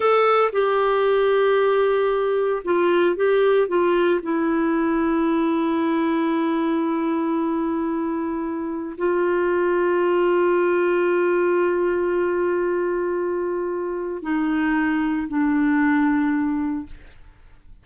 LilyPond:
\new Staff \with { instrumentName = "clarinet" } { \time 4/4 \tempo 4 = 114 a'4 g'2.~ | g'4 f'4 g'4 f'4 | e'1~ | e'1~ |
e'4 f'2.~ | f'1~ | f'2. dis'4~ | dis'4 d'2. | }